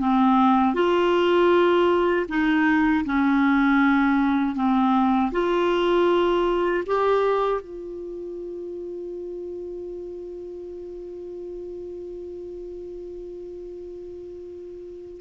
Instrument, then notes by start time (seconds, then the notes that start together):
clarinet
0.00 C4
0.74 F4
2.29 D#4
3.05 C#4
4.55 C4
5.32 F4
6.86 G4
7.61 F4